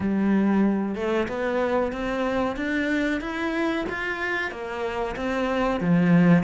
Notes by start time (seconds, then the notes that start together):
0.00 G3
0.95 A3
1.28 B3
1.92 C4
2.56 D4
3.21 E4
3.89 F4
4.51 A#3
5.16 C4
5.80 F3